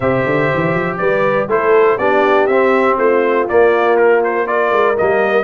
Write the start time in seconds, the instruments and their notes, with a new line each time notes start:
0.00 tuba C3, trombone G4, horn C5, trumpet E5
0.25 tuba D3
0.54 tuba E3
0.74 tuba F3
0.97 tuba G3, horn B4, trumpet D5
1.47 tuba A3, trombone E4, horn A4, trumpet C5
1.97 tuba B3, trombone D4, horn G4, trumpet D5
2.46 tuba C4, trombone C4, trumpet E5
2.97 tuba A3, horn F4, trumpet C5
3.48 trombone A#3, tuba A#3, trumpet D5
3.96 trumpet A#4
4.24 trumpet C5
4.46 trombone F4, horn A#4, trumpet D5
4.71 tuba G#3
4.96 tuba G3, trombone A#3, trumpet D#5